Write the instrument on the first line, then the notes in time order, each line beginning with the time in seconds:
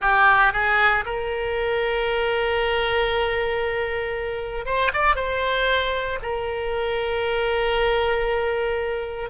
oboe
0.00 G4
0.52 G#4
1.05 A#4
4.66 C5
4.93 D5
5.15 C5
6.22 A#4